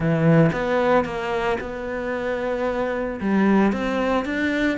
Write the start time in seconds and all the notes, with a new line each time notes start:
0.00 E3
0.52 B3
1.04 A#3
1.60 B3
3.20 G3
3.72 C4
4.25 D4